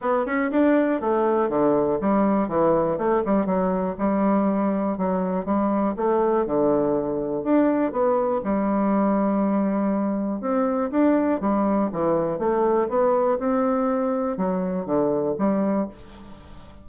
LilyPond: \new Staff \with { instrumentName = "bassoon" } { \time 4/4 \tempo 4 = 121 b8 cis'8 d'4 a4 d4 | g4 e4 a8 g8 fis4 | g2 fis4 g4 | a4 d2 d'4 |
b4 g2.~ | g4 c'4 d'4 g4 | e4 a4 b4 c'4~ | c'4 fis4 d4 g4 | }